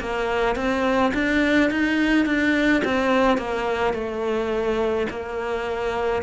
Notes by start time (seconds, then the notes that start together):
0.00 A#3
0.56 C4
1.14 D4
1.71 D#4
2.26 D4
2.85 C4
3.38 A#3
3.94 A3
5.10 A#3